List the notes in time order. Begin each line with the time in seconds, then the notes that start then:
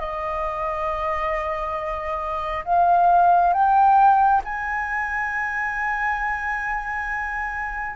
0.00 D#5
2.65 F5
3.54 G5
4.45 G#5